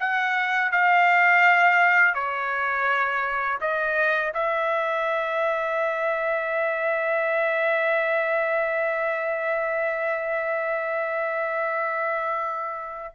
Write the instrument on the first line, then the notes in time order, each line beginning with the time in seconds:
trumpet
0.00 F#5
0.72 F5
2.15 C#5
3.61 D#5
4.34 E5